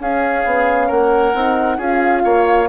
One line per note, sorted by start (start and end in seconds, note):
0.00 0.45 C#4
0.00 1.35 C#4
0.00 0.87 G#4
0.00 0.91 F5
0.45 0.90 B3
0.87 1.34 A#3
0.87 1.77 A#4
0.87 1.80 F#5
1.34 1.78 C4
1.34 1.79 D#4
1.78 2.23 C#4
1.78 2.68 F4
1.78 2.23 G#4
1.78 2.69 F5
2.24 2.69 A#3
2.24 2.69 C#5